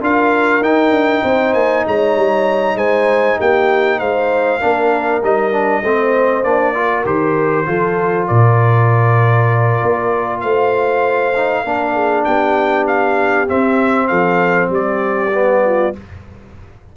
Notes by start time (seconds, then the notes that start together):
0.00 D4 F4 A#4 F5
0.61 D#4 G5
0.91 D4
1.23 C4 C5
1.53 A#3 G#5
1.86 G#3 C#5 A#5
2.16 G3
2.75 G#3 C5 G#5
3.36 A#3 G4 G5
3.98 G#3 C5 F5
4.59 A#3 D4 A#4
5.23 G3 D#4 D#5
5.52 D4
5.83 A3 C4 C5
6.43 A#3 D4 D5
6.74 F4 A#4
7.05 D#3 G4 C5
7.66 F3 F4 A4
8.27 A#2 A#4 D5
9.82 A#3
10.40 A3 C5 F5
11.35 D#4
11.63 A#3 D4 A#4
11.93 G#4
12.24 B3 G4 G5
12.87 F5
13.47 C4 E5
14.07 F3 A4 F5
14.69 G3 G4 D5
15.32 B3
15.65 F4